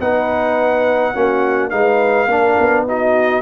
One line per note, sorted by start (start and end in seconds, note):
0.00 1.14 B3
0.00 1.14 D#4
0.00 1.14 B4
0.00 1.70 F#5
1.14 1.72 A#3
1.14 1.71 C#4
1.14 1.71 F#4
1.70 2.27 G#3
1.70 2.28 D#4
1.70 2.28 B4
1.70 2.84 F5
2.27 2.55 A#3
2.27 2.87 D4
2.27 2.85 A#4
2.59 3.42 B3
2.87 3.42 D#4
2.87 3.42 F#4
2.87 3.42 D#5